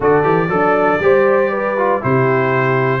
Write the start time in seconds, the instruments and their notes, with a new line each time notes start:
0.00 tuba D3, trombone F#4, horn A4, trumpet D5
0.23 tuba E3, trombone G4
0.48 tuba F#3, horn D4, trombone A4
0.99 tuba G3, trombone G4, horn C5
1.50 horn B4
1.77 trombone F4
2.01 tuba C3, trombone E4, horn G4, trumpet C5